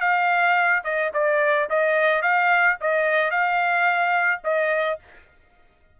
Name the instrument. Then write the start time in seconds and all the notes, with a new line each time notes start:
trumpet
0.00 F5
0.84 D#5
1.14 D5
1.70 D#5
2.22 F5
2.80 D#5
3.31 F5
4.44 D#5